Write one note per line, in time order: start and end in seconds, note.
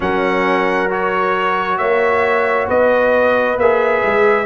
0.00 1.79 F#3
0.00 0.89 C#4
0.00 1.78 A#4
0.00 0.90 F#5
0.89 3.57 F#4
0.89 1.77 C#5
1.77 2.68 A#3
1.77 2.67 C#5
1.77 2.67 E5
2.67 3.57 B3
2.67 4.45 B4
2.67 3.59 D#5
3.57 4.02 A#3
3.57 4.45 G#4
3.57 4.45 E5
4.04 4.45 G#3